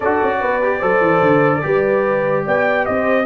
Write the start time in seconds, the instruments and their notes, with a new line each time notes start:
0.00 tuba D4, trombone F#4, horn A4, trumpet D5
0.22 tuba C#4
0.40 tuba B3, horn B4
0.62 trombone G4
0.79 tuba F#3, trombone A4, horn C5
1.00 tuba E3
1.21 tuba D3
1.62 tuba G3, trombone G4, horn B4
2.45 tuba B3, horn D5, trumpet G5
2.85 tuba C4, horn C5, trumpet D#5